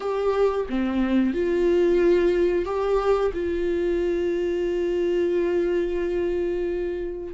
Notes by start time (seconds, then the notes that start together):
0.00 G4
0.69 C4
1.33 F4
2.65 G4
3.33 F4